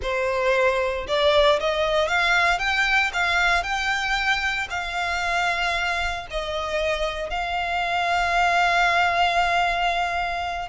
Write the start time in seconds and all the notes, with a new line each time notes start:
0.02 C5
1.07 D5
1.60 D#5
2.08 F5
2.58 G5
3.13 F5
3.63 G5
4.70 F5
6.30 D#5
7.30 F5